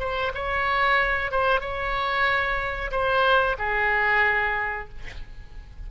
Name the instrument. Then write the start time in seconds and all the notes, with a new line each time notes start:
oboe
0.00 C5
0.35 C#5
1.32 C5
1.61 C#5
2.91 C5
3.59 G#4